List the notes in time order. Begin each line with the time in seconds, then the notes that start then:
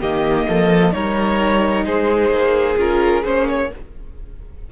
0.00 D#3 A#3 G4 D#5
0.48 F3 A4
0.93 G3 D#4 A#4 C#5
1.85 G#3 G#4 C5
2.30 A#3
2.77 C#4 F4 A#4
3.25 A#3 C#4 C5
3.49 C#5